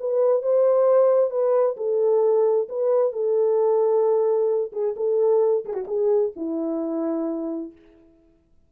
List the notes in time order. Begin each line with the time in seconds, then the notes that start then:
0.00 B4
0.43 C5
1.31 B4
1.77 A4
2.69 B4
3.13 A4
4.73 G#4
4.97 A4
5.65 G#4
5.74 F#4
5.88 G#4
6.36 E4